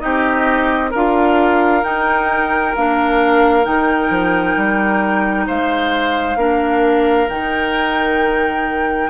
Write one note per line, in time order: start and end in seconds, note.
0.00 0.95 C4
0.00 0.91 D#4
0.00 0.91 G4
0.00 0.92 D#5
0.91 1.84 D4
0.91 1.84 F4
0.91 5.46 A#4
0.91 1.84 F5
1.84 2.74 D#4
1.84 2.75 D#4
1.84 2.75 G5
2.76 3.67 A#3
2.76 3.64 D4
2.76 3.66 F5
3.64 4.10 D#3
3.64 6.37 D#4
3.64 5.47 G5
4.10 4.56 F3
4.57 5.48 G3
5.48 6.36 G#3
5.48 6.38 C5
5.48 7.30 F5
6.36 7.27 A#3
6.36 7.29 D4
6.36 9.10 A#4
7.30 9.10 D#3
7.30 9.10 D#4
7.30 9.10 G5